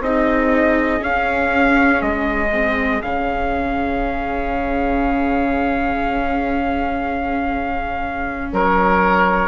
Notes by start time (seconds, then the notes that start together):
0.00 C4 D#4 G#4 D#5
0.99 C#4 F5
2.01 G#3 D#5
2.52 C4
3.02 C#3 C#4 F5
8.52 F#3 A#4 C#5